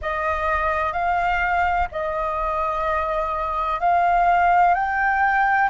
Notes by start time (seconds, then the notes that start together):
0.01 D#5
0.92 F5
1.91 D#5
3.80 F5
4.74 G5